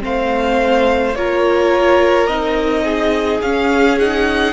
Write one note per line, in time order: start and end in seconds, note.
0.00 1.15 A3
0.00 1.13 C4
0.00 1.17 C5
0.00 1.15 F5
1.15 2.28 A#3
1.15 2.29 F4
1.15 2.84 A#4
1.15 2.27 C#5
2.27 3.41 C4
2.27 3.42 D#4
2.27 3.40 D#5
2.84 4.53 G#4
3.41 4.53 C#4
3.41 4.00 C#4
3.41 3.98 F5
3.98 4.53 D#4
3.98 4.53 F#5